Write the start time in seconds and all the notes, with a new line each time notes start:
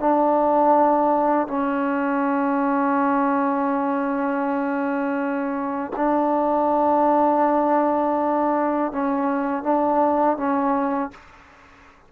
0.00 D4
1.48 C#4
5.97 D4
8.93 C#4
9.63 D4
10.37 C#4